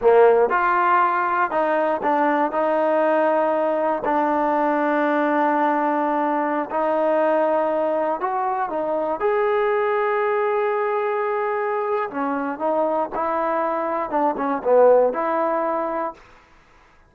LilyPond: \new Staff \with { instrumentName = "trombone" } { \time 4/4 \tempo 4 = 119 ais4 f'2 dis'4 | d'4 dis'2. | d'1~ | d'4~ d'16 dis'2~ dis'8.~ |
dis'16 fis'4 dis'4 gis'4.~ gis'16~ | gis'1 | cis'4 dis'4 e'2 | d'8 cis'8 b4 e'2 | }